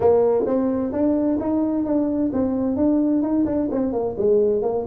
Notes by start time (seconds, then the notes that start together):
0.00 A#3
0.46 C4
0.92 D4
1.40 D#4
1.85 D4
2.32 C4
2.76 D4
3.22 D#4
3.45 D4
3.71 C4
3.92 A#3
4.17 G#3
4.62 A#3